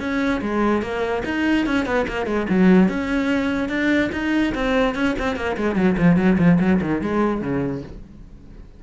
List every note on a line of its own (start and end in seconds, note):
0.00 0.41 C#4
0.42 0.82 G#3
0.82 1.23 A#3
1.25 1.66 D#4
1.66 1.86 C#4
1.86 2.07 B3
2.08 2.26 A#3
2.26 2.47 G#3
2.50 2.89 F#3
2.89 3.69 C#4
3.69 4.10 D4
4.12 4.54 D#4
4.55 4.95 C4
4.95 5.16 C#4
5.19 5.36 C4
5.36 5.57 A#3
5.57 5.76 G#3
5.76 5.96 F#3
5.98 6.17 F3
6.17 6.38 F#3
6.38 6.59 F3
6.60 6.81 F#3
6.82 7.02 D#3
7.02 7.42 G#3
7.42 7.83 C#3